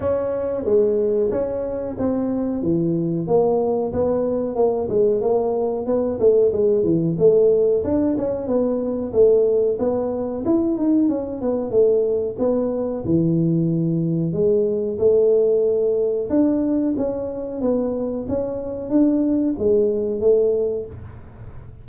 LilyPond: \new Staff \with { instrumentName = "tuba" } { \time 4/4 \tempo 4 = 92 cis'4 gis4 cis'4 c'4 | e4 ais4 b4 ais8 gis8 | ais4 b8 a8 gis8 e8 a4 | d'8 cis'8 b4 a4 b4 |
e'8 dis'8 cis'8 b8 a4 b4 | e2 gis4 a4~ | a4 d'4 cis'4 b4 | cis'4 d'4 gis4 a4 | }